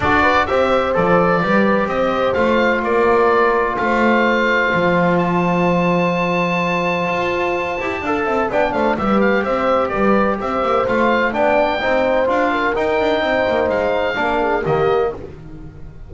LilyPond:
<<
  \new Staff \with { instrumentName = "oboe" } { \time 4/4 \tempo 4 = 127 d''4 e''4 d''2 | dis''4 f''4 d''2 | f''2. a''4~ | a''1~ |
a''2 g''8 f''8 e''8 f''8 | e''4 d''4 e''4 f''4 | g''2 f''4 g''4~ | g''4 f''2 dis''4 | }
  \new Staff \with { instrumentName = "horn" } { \time 4/4 a'8 b'8 c''2 b'4 | c''2 ais'2 | c''1~ | c''1~ |
c''4 f''8 e''8 d''8 c''8 b'4 | c''4 b'4 c''2 | d''4 c''4. ais'4. | c''2 ais'8 gis'8 g'4 | }
  \new Staff \with { instrumentName = "trombone" } { \time 4/4 fis'4 g'4 a'4 g'4~ | g'4 f'2.~ | f'1~ | f'1~ |
f'8 g'8 a'4 d'4 g'4~ | g'2. f'4 | d'4 dis'4 f'4 dis'4~ | dis'2 d'4 ais4 | }
  \new Staff \with { instrumentName = "double bass" } { \time 4/4 d'4 c'4 f4 g4 | c'4 a4 ais2 | a2 f2~ | f2. f'4~ |
f'8 e'8 d'8 c'8 b8 a8 g4 | c'4 g4 c'8 ais8 a4 | b4 c'4 d'4 dis'8 d'8 | c'8 ais8 gis4 ais4 dis4 | }
>>